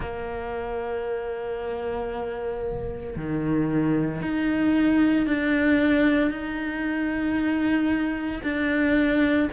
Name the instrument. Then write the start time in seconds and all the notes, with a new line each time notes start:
cello
0.00 A#3
3.16 D#3
4.22 D#4
5.26 D4
6.31 D#4
8.43 D4